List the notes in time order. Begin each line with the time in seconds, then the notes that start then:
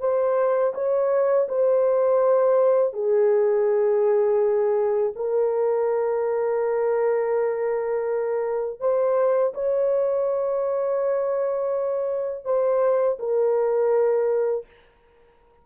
0.00 C5
0.75 C#5
1.49 C5
2.94 G#4
5.16 A#4
8.80 C5
9.54 C#5
12.45 C5
13.19 A#4